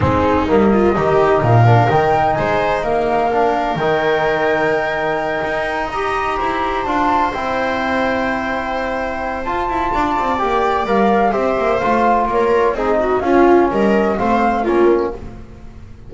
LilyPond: <<
  \new Staff \with { instrumentName = "flute" } { \time 4/4 \tempo 4 = 127 gis'4 dis''2 f''4 | g''4 gis''4 f''2 | g''1~ | g''8 ais''2 a''4 g''8~ |
g''1 | a''2 g''4 f''4 | e''4 f''4 cis''4 dis''4 | f''4 dis''4 f''4 ais'4 | }
  \new Staff \with { instrumentName = "viola" } { \time 4/4 dis'4. f'8 g'4 ais'4~ | ais'4 c''4 ais'2~ | ais'1~ | ais'8 dis''4 c''2~ c''8~ |
c''1~ | c''4 d''2. | c''2 ais'4 gis'8 fis'8 | f'4 ais'4 c''4 f'4 | }
  \new Staff \with { instrumentName = "trombone" } { \time 4/4 c'4 ais4 dis'4. d'8 | dis'2. d'4 | dis'1~ | dis'8 g'2 f'4 e'8~ |
e'1 | f'2 g'4 ais'4 | g'4 f'2 dis'4 | cis'2 c'4 cis'4 | }
  \new Staff \with { instrumentName = "double bass" } { \time 4/4 gis4 g4 dis4 ais,4 | dis4 gis4 ais2 | dis2.~ dis8 dis'8~ | dis'4. e'4 d'4 c'8~ |
c'1 | f'8 e'8 d'8 c'8 ais4 g4 | c'8 ais8 a4 ais4 c'4 | cis'4 g4 a4 ais4 | }
>>